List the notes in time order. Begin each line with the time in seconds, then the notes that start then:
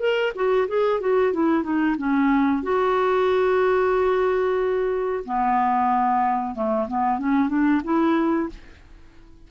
0.00 A#4
0.35 F#4
0.68 G#4
1.01 F#4
1.34 E4
1.63 D#4
1.98 C#4
2.63 F#4
5.25 B3
6.55 A3
6.88 B3
7.19 C#4
7.49 D4
7.84 E4